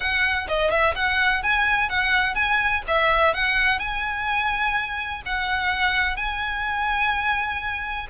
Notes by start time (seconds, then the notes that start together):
0.00 F#5
0.47 D#5
0.70 E5
0.95 F#5
1.42 G#5
1.89 F#5
2.35 G#5
2.87 E5
3.34 F#5
3.79 G#5
5.25 F#5
6.16 G#5